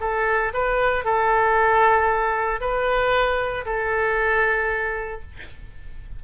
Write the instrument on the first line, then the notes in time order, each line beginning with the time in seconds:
oboe
0.00 A4
0.53 B4
1.04 A4
2.60 B4
3.65 A4